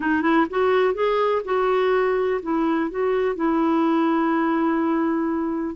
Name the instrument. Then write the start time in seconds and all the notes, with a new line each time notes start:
clarinet
0.00 D#4
0.22 E4
0.50 F#4
0.94 G#4
1.44 F#4
2.42 E4
2.90 F#4
3.35 E4